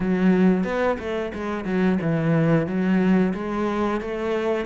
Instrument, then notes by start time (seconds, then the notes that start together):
cello
0.00 F#3
0.64 B3
0.99 A3
1.33 G#3
1.65 F#3
2.01 E3
2.66 F#3
3.34 G#3
4.00 A3